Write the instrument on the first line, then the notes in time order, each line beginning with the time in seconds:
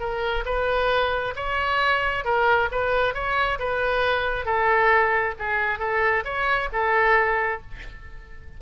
oboe
0.00 A#4
0.45 B4
1.36 C#5
2.25 A#4
2.72 B4
3.14 C#5
3.59 B4
4.46 A4
5.39 G#4
5.79 A4
6.25 C#5
6.73 A4